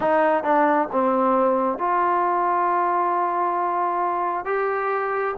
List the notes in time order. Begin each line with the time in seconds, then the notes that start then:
0.00 D#4
0.43 D4
0.91 C4
1.78 F4
4.45 G4